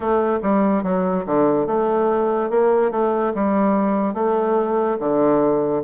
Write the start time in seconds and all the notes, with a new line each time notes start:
0.00 A3
0.42 G3
0.83 F#3
1.25 D3
1.67 A3
2.50 A#3
2.91 A3
3.34 G3
4.14 A3
4.99 D3